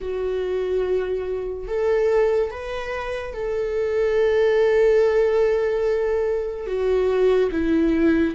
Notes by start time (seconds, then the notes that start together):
0.00 F#4
1.67 A4
2.50 B4
3.33 A4
6.66 F#4
7.52 E4